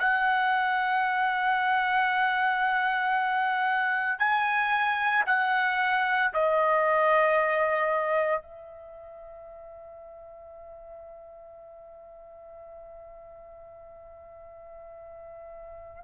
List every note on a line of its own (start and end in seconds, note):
0.00 4.19 F#5
4.19 5.24 G#5
5.27 6.32 F#5
6.34 8.43 D#5
8.43 16.05 E5